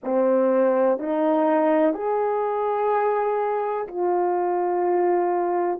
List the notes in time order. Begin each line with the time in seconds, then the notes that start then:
0.03 C4
0.99 D#4
1.94 G#4
3.87 F4